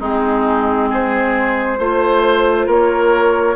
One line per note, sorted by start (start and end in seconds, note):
0.00 1.79 G#3
0.00 1.79 C4
0.00 0.90 D#4
0.00 0.90 G#4
0.90 1.79 G#4
0.90 2.71 C5
1.79 2.68 A3
1.79 3.56 F4
1.79 2.66 C5
2.66 3.56 A#3
2.66 3.56 A#4
2.66 3.56 C#5